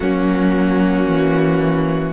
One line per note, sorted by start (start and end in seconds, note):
0.00 1.07 F#3
0.00 2.12 A#3
0.00 2.12 C#4
0.00 2.12 F#4
1.07 2.12 E3